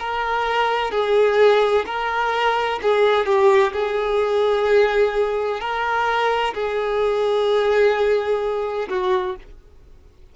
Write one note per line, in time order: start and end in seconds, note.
0.00 0.92 A#4
0.92 1.85 G#4
1.86 2.80 A#4
2.83 3.26 G#4
3.26 3.73 G4
3.73 5.60 G#4
5.60 6.54 A#4
6.55 8.89 G#4
8.89 9.36 F#4